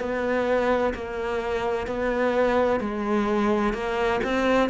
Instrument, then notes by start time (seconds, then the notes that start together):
cello
0.00 B3
0.95 A#3
1.87 B3
2.80 G#3
3.74 A#3
4.24 C4